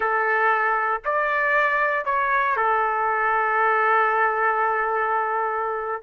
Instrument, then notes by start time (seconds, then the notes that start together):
trumpet
0.00 A4
1.04 D5
2.05 C#5
2.56 A4